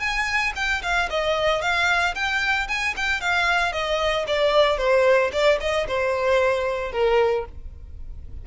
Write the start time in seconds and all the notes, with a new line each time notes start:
0.00 G#5
0.56 G5
0.83 F5
1.10 D#5
1.62 F5
2.15 G5
2.68 G#5
2.97 G5
3.21 F5
3.73 D#5
4.28 D5
4.78 C5
5.33 D5
5.61 D#5
5.88 C5
6.93 A#4